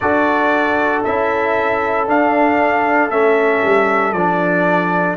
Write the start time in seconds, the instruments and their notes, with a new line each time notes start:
0.00 tuba D4, trombone F#4, horn A4, trumpet D5
1.04 tuba C#4, trombone E4, trumpet E5
2.07 tuba D4, trombone D4, trumpet F5
3.10 tuba A3, trombone C#4, trumpet E5
3.63 tuba G3
4.12 tuba F3, trombone D4, trumpet D5